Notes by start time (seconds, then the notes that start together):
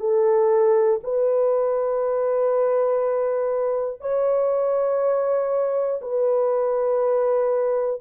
0.00 A4
1.03 B4
4.01 C#5
6.01 B4